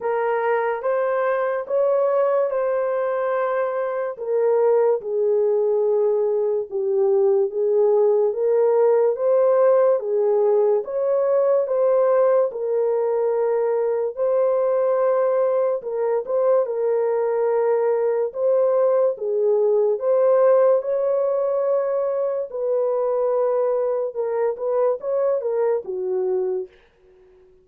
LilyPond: \new Staff \with { instrumentName = "horn" } { \time 4/4 \tempo 4 = 72 ais'4 c''4 cis''4 c''4~ | c''4 ais'4 gis'2 | g'4 gis'4 ais'4 c''4 | gis'4 cis''4 c''4 ais'4~ |
ais'4 c''2 ais'8 c''8 | ais'2 c''4 gis'4 | c''4 cis''2 b'4~ | b'4 ais'8 b'8 cis''8 ais'8 fis'4 | }